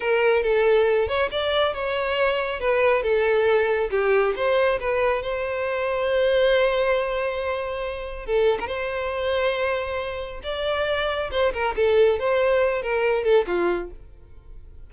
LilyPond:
\new Staff \with { instrumentName = "violin" } { \time 4/4 \tempo 4 = 138 ais'4 a'4. cis''8 d''4 | cis''2 b'4 a'4~ | a'4 g'4 c''4 b'4 | c''1~ |
c''2. a'8. ais'16 | c''1 | d''2 c''8 ais'8 a'4 | c''4. ais'4 a'8 f'4 | }